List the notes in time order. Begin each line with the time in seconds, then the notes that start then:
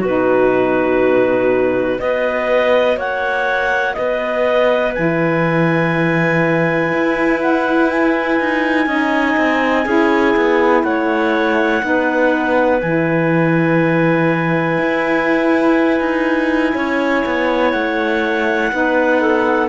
0.00 B2 D#4 F#4 B4
2.00 B3 F#4 B4 D#5
2.97 A#3 C#5 F#5
3.94 B3 B4 D#5
4.94 E3 E4 G#5
6.93 E4
7.42 F#5
7.91 G#5
8.40 D#4
8.87 C#4 D#4 D#5
9.37 C4
9.86 C#4 E4 G#4
10.37 B3
10.83 A3 C#5 F#5
11.82 B3 D#4 B4
12.81 E3 E4 G#5
14.78 E4
16.00 D#4
16.75 C#4 C#5
17.26 B3
17.72 A3 F#5
18.72 B3 D#4 B4
19.22 A4